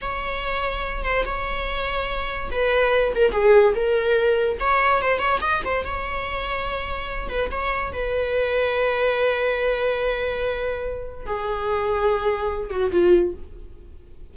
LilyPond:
\new Staff \with { instrumentName = "viola" } { \time 4/4 \tempo 4 = 144 cis''2~ cis''8 c''8 cis''4~ | cis''2 b'4. ais'8 | gis'4 ais'2 cis''4 | c''8 cis''8 dis''8 c''8 cis''2~ |
cis''4. b'8 cis''4 b'4~ | b'1~ | b'2. gis'4~ | gis'2~ gis'8 fis'8 f'4 | }